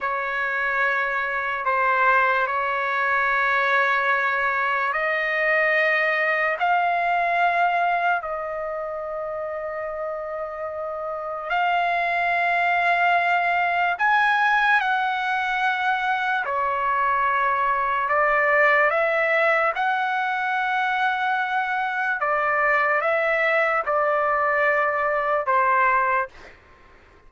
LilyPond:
\new Staff \with { instrumentName = "trumpet" } { \time 4/4 \tempo 4 = 73 cis''2 c''4 cis''4~ | cis''2 dis''2 | f''2 dis''2~ | dis''2 f''2~ |
f''4 gis''4 fis''2 | cis''2 d''4 e''4 | fis''2. d''4 | e''4 d''2 c''4 | }